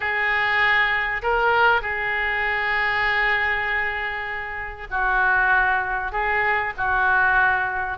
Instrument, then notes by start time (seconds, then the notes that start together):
oboe
0.00 G#4
1.22 A#4
1.81 G#4
4.90 F#4
6.12 G#4
6.77 F#4